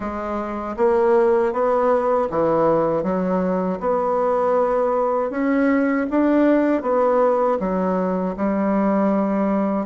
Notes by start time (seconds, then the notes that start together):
0.00 G#3
0.76 A#3
1.52 B3
2.30 E3
3.03 F#3
3.80 B3
5.30 C#4
6.10 D4
6.81 B3
7.59 F#3
8.36 G3